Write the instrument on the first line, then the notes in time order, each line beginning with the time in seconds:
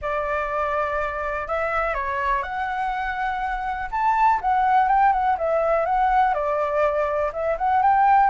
flute
0.01 D5
1.47 E5
1.94 C#5
2.42 F#5
3.91 A5
4.41 F#5
4.88 G5
5.12 F#5
5.38 E5
5.85 F#5
6.34 D5
7.33 E5
7.57 F#5
7.82 G5